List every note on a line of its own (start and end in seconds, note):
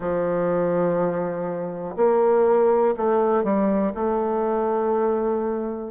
0.00 1.95 F3
1.96 2.94 A#3
2.96 3.43 A3
3.43 3.92 G3
3.94 5.91 A3